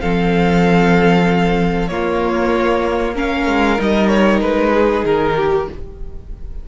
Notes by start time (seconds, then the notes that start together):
0.00 F3 C4 A4 F5
1.88 A#3 F4 C#5
3.15 C#4 A#4 F5
3.47 G#3
3.78 G3 D#4 D#5
4.08 C#5
4.41 G#3 B4
4.74 G#4
5.05 D#3 A#4
5.37 G4